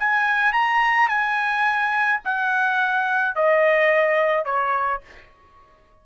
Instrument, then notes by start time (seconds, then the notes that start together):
trumpet
0.00 G#5
0.53 A#5
1.09 G#5
2.25 F#5
3.36 D#5
4.45 C#5